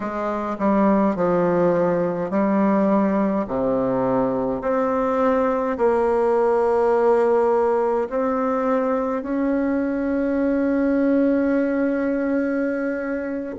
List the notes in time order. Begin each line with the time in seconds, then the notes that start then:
0.00 G#3
0.58 G3
1.15 F3
2.30 G3
3.47 C3
4.62 C4
5.77 A#3
8.09 C4
9.22 C#4